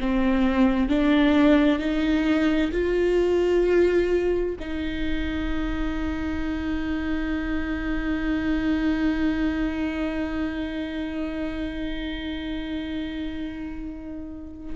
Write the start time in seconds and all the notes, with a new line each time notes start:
0.00 C4
0.89 D4
1.79 D#4
2.71 F4
4.60 D#4